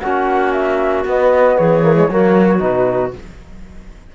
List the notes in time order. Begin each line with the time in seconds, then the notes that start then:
0.00 A#3 C#4 F#4 F#5
0.52 E5
1.05 B3 D#5
1.58 E3 G#4 C#5
1.82 A#3
1.96 G#3
2.10 F#3 A#3 F#4
2.59 B2 D#4 B4